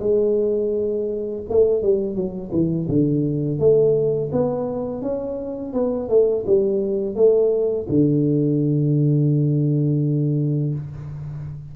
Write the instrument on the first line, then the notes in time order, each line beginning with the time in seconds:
tuba
0.00 G#3
1.49 A3
1.82 G3
2.15 F#3
2.52 E3
2.88 D3
3.59 A3
4.32 B3
5.02 C#4
5.73 B3
6.09 A3
6.46 G3
7.15 A3
7.89 D3